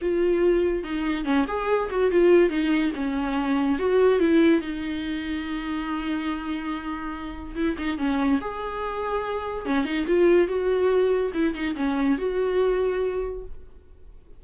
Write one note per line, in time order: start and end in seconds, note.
0.01 0.83 F4
0.83 1.24 D#4
1.24 1.45 C#4
1.47 1.89 G#4
1.90 2.11 F#4
2.11 2.49 F4
2.49 2.91 D#4
2.95 3.79 C#4
3.79 4.19 F#4
4.19 4.61 E4
4.61 7.54 D#4
7.55 7.76 E4
7.78 7.98 D#4
7.98 8.40 C#4
8.40 9.65 G#4
9.65 9.84 C#4
9.84 10.05 D#4
10.07 10.47 F4
10.47 11.31 F#4
11.34 11.54 E4
11.54 11.75 D#4
11.76 12.18 C#4
12.18 13.44 F#4